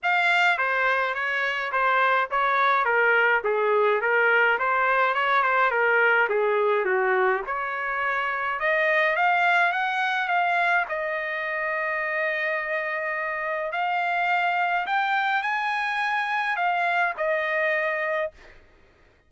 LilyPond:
\new Staff \with { instrumentName = "trumpet" } { \time 4/4 \tempo 4 = 105 f''4 c''4 cis''4 c''4 | cis''4 ais'4 gis'4 ais'4 | c''4 cis''8 c''8 ais'4 gis'4 | fis'4 cis''2 dis''4 |
f''4 fis''4 f''4 dis''4~ | dis''1 | f''2 g''4 gis''4~ | gis''4 f''4 dis''2 | }